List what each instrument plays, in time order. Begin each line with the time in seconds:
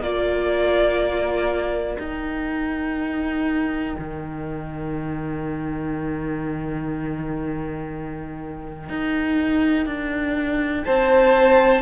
0.00 cello A#3, viola F4, violin A#4 D5
1.98 viola D#4, cello D#4, violin G5
3.98 cello D#3
8.89 cello D#4
9.85 cello D4
10.84 cello C4, violin C5 A5